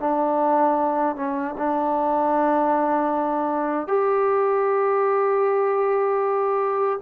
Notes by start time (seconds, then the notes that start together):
0.00 D4
1.16 C#4
1.58 D4
3.88 G4